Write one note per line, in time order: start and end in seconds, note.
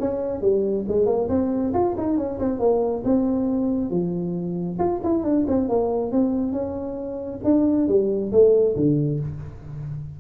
0.00 0.41 C#4
0.41 0.85 G3
0.88 1.06 G#3
1.06 1.28 A#3
1.29 1.73 C4
1.73 1.95 F4
1.97 2.17 D#4
2.17 2.39 C#4
2.39 2.59 C4
2.59 3.03 A#3
3.05 3.90 C4
3.90 4.78 F3
4.79 5.01 F4
5.03 5.24 E4
5.24 5.46 D4
5.47 5.69 C4
5.69 6.12 A#3
6.12 6.52 C4
6.52 7.40 C#4
7.44 7.88 D4
7.88 8.32 G3
8.32 8.76 A3
8.76 9.20 D3